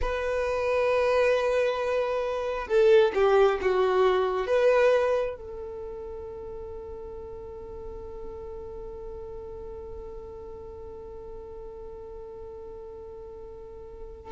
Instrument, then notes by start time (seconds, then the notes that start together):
violin
0.01 B4
2.67 A4
3.14 G4
3.61 F#4
4.47 B4
5.36 A4